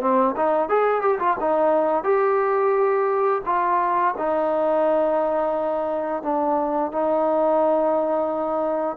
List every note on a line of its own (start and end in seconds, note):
0.00 0.34 C4
0.36 0.69 D#4
0.69 1.01 G#4
1.01 1.18 G4
1.19 1.36 F4
1.40 2.03 D#4
2.03 3.41 G4
3.45 4.14 F4
4.17 6.22 D#4
6.22 6.91 D4
6.91 8.96 D#4